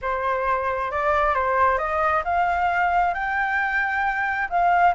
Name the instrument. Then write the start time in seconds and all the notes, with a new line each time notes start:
flute
0.01 C5
0.91 D5
1.34 C5
1.78 D#5
2.24 F5
3.14 G5
4.49 F5